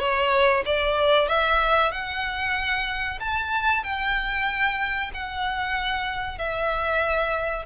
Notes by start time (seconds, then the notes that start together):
0.00 C#5
0.66 D5
1.29 E5
1.92 F#5
3.20 A5
3.84 G5
5.14 F#5
6.39 E5